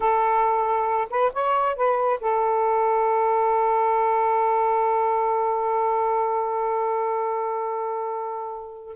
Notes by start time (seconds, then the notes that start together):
0.00 A4
1.09 B4
1.33 C#5
1.76 B4
2.20 A4